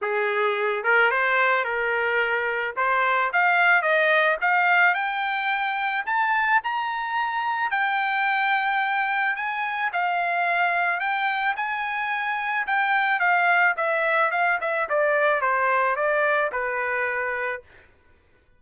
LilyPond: \new Staff \with { instrumentName = "trumpet" } { \time 4/4 \tempo 4 = 109 gis'4. ais'8 c''4 ais'4~ | ais'4 c''4 f''4 dis''4 | f''4 g''2 a''4 | ais''2 g''2~ |
g''4 gis''4 f''2 | g''4 gis''2 g''4 | f''4 e''4 f''8 e''8 d''4 | c''4 d''4 b'2 | }